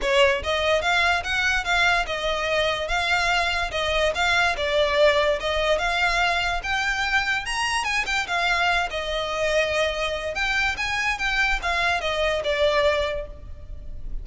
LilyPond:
\new Staff \with { instrumentName = "violin" } { \time 4/4 \tempo 4 = 145 cis''4 dis''4 f''4 fis''4 | f''4 dis''2 f''4~ | f''4 dis''4 f''4 d''4~ | d''4 dis''4 f''2 |
g''2 ais''4 gis''8 g''8 | f''4. dis''2~ dis''8~ | dis''4 g''4 gis''4 g''4 | f''4 dis''4 d''2 | }